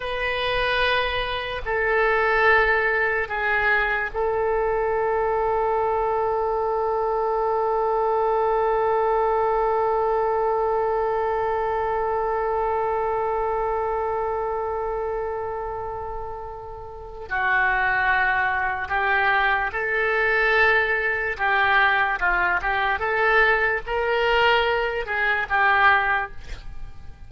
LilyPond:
\new Staff \with { instrumentName = "oboe" } { \time 4/4 \tempo 4 = 73 b'2 a'2 | gis'4 a'2.~ | a'1~ | a'1~ |
a'1~ | a'4 fis'2 g'4 | a'2 g'4 f'8 g'8 | a'4 ais'4. gis'8 g'4 | }